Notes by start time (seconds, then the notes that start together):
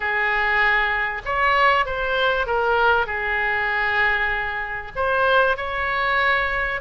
0.00 G#4
1.25 C#5
1.85 C5
2.46 A#4
3.06 G#4
4.95 C5
5.57 C#5